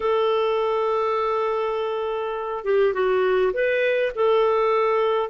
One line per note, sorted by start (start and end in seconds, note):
0.00 2.64 A4
2.64 2.93 G4
2.93 3.52 F#4
3.53 4.12 B4
4.15 5.29 A4